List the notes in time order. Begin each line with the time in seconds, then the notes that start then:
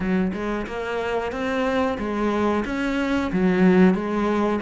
0.00 F#3
0.33 G#3
0.67 A#3
1.32 C4
1.98 G#3
2.65 C#4
3.32 F#3
3.94 G#3